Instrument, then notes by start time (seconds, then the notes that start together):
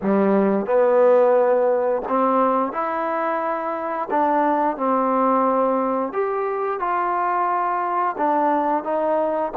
trombone
0.02 G3
0.65 B3
2.08 C4
2.72 E4
4.10 D4
4.77 C4
6.12 G4
6.79 F4
8.17 D4
8.83 D#4